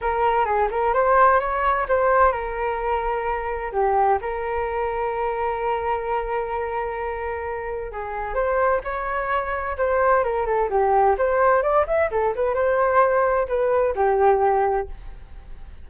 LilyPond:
\new Staff \with { instrumentName = "flute" } { \time 4/4 \tempo 4 = 129 ais'4 gis'8 ais'8 c''4 cis''4 | c''4 ais'2. | g'4 ais'2.~ | ais'1~ |
ais'4 gis'4 c''4 cis''4~ | cis''4 c''4 ais'8 a'8 g'4 | c''4 d''8 e''8 a'8 b'8 c''4~ | c''4 b'4 g'2 | }